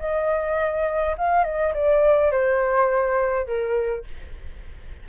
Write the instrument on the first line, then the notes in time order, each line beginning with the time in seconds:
flute
0.00 D#5
1.18 F5
1.45 D#5
1.74 D5
2.32 C5
3.47 A#4